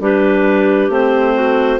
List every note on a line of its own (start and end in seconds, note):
0.00 0.89 G3
0.00 0.90 D4
0.00 1.34 G4
0.00 0.91 B4
0.89 1.78 A3
0.89 1.80 C4
0.89 1.80 C5
1.34 1.79 F#4